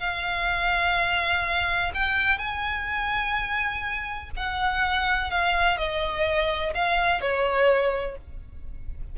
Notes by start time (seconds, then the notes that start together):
0.00 F5
1.94 G5
2.39 G#5
4.37 F#5
5.31 F5
5.78 D#5
6.75 F5
7.22 C#5